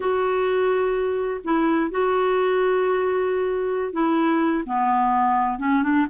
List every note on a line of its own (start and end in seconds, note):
0.00 1.40 F#4
1.44 1.90 E4
1.90 3.92 F#4
3.92 4.64 E4
4.66 5.58 B3
5.58 5.82 C#4
5.82 6.06 D4